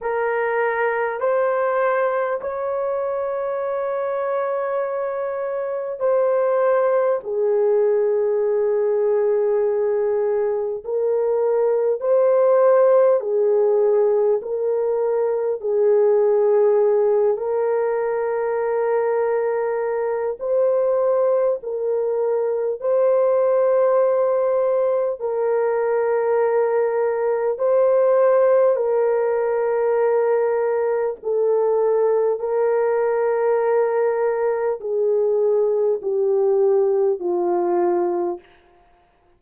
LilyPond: \new Staff \with { instrumentName = "horn" } { \time 4/4 \tempo 4 = 50 ais'4 c''4 cis''2~ | cis''4 c''4 gis'2~ | gis'4 ais'4 c''4 gis'4 | ais'4 gis'4. ais'4.~ |
ais'4 c''4 ais'4 c''4~ | c''4 ais'2 c''4 | ais'2 a'4 ais'4~ | ais'4 gis'4 g'4 f'4 | }